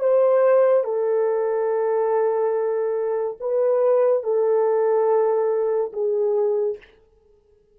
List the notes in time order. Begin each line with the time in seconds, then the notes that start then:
0.00 C5
0.85 A4
3.40 B4
4.23 A4
5.93 G#4